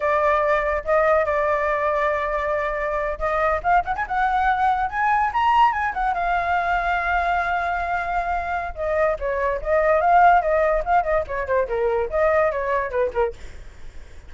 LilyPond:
\new Staff \with { instrumentName = "flute" } { \time 4/4 \tempo 4 = 144 d''2 dis''4 d''4~ | d''2.~ d''8. dis''16~ | dis''8. f''8 fis''16 gis''16 fis''2 gis''16~ | gis''8. ais''4 gis''8 fis''8 f''4~ f''16~ |
f''1~ | f''4 dis''4 cis''4 dis''4 | f''4 dis''4 f''8 dis''8 cis''8 c''8 | ais'4 dis''4 cis''4 b'8 ais'8 | }